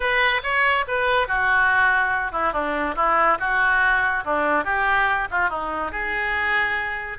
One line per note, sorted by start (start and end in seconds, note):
0.00 0.41 B4
0.43 0.85 C#5
0.87 1.27 B4
1.27 2.31 F#4
2.31 2.53 E4
2.53 2.95 D4
2.95 3.37 E4
3.39 4.24 F#4
4.24 4.64 D4
4.64 5.27 G4
5.30 5.49 F4
5.49 5.91 D#4
5.91 7.18 G#4